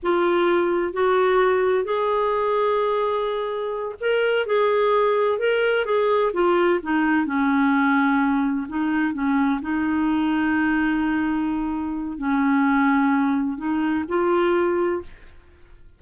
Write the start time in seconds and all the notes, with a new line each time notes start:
0.02 F4
0.93 F#4
1.84 G#4
4.00 A#4
4.46 G#4
5.38 A#4
5.85 G#4
6.33 F4
6.82 D#4
7.26 C#4
8.68 D#4
9.13 C#4
9.61 D#4
12.17 C#4
13.57 D#4
14.08 F4